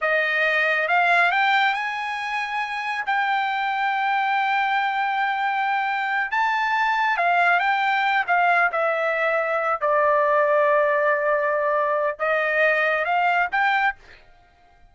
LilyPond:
\new Staff \with { instrumentName = "trumpet" } { \time 4/4 \tempo 4 = 138 dis''2 f''4 g''4 | gis''2. g''4~ | g''1~ | g''2~ g''8 a''4.~ |
a''8 f''4 g''4. f''4 | e''2~ e''8 d''4.~ | d''1 | dis''2 f''4 g''4 | }